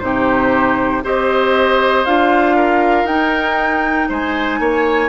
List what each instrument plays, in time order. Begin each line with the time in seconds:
0.00 bassoon C3, clarinet D#4, oboe G4, flute C5
1.04 bassoon C4, clarinet G4, oboe C5, flute D#5
2.06 bassoon D4, clarinet F4, flute F5
2.56 oboe A#4
3.04 bassoon D#4, clarinet D#4, flute G5
4.09 bassoon G#3, oboe C5, flute G#5
4.60 bassoon A#3, oboe C#5